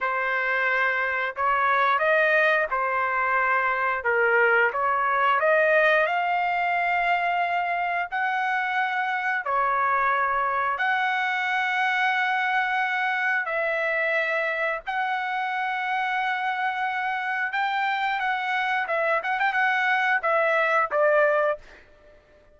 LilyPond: \new Staff \with { instrumentName = "trumpet" } { \time 4/4 \tempo 4 = 89 c''2 cis''4 dis''4 | c''2 ais'4 cis''4 | dis''4 f''2. | fis''2 cis''2 |
fis''1 | e''2 fis''2~ | fis''2 g''4 fis''4 | e''8 fis''16 g''16 fis''4 e''4 d''4 | }